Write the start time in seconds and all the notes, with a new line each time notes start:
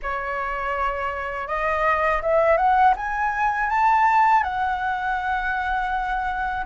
0.02 C#5
1.47 D#5
2.22 E5
2.57 F#5
2.96 G#5
3.69 A5
4.43 F#5